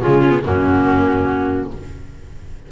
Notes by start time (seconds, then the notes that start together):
0.00 C#3 G#3 F4 G#4
0.22 C#4
0.30 B3
0.42 F#2 A#3 C#4 F#4